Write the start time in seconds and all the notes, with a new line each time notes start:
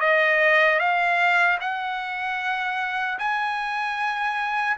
0.00 D#5
0.79 F5
1.60 F#5
3.19 G#5